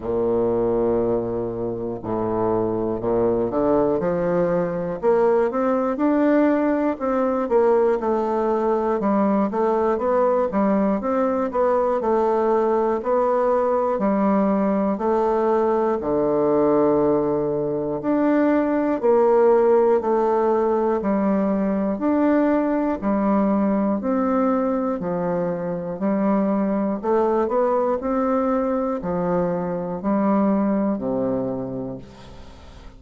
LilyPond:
\new Staff \with { instrumentName = "bassoon" } { \time 4/4 \tempo 4 = 60 ais,2 a,4 ais,8 d8 | f4 ais8 c'8 d'4 c'8 ais8 | a4 g8 a8 b8 g8 c'8 b8 | a4 b4 g4 a4 |
d2 d'4 ais4 | a4 g4 d'4 g4 | c'4 f4 g4 a8 b8 | c'4 f4 g4 c4 | }